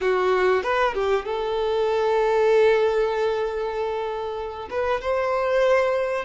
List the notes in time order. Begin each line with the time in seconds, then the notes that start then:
0.01 F#4
0.62 B4
0.94 G4
1.25 A4
4.70 B4
5.01 C5